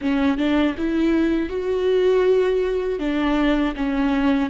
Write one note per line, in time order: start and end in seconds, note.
0.01 0.37 C#4
0.37 0.75 D4
0.77 1.49 E4
1.49 2.99 F#4
2.99 3.74 D4
3.76 4.50 C#4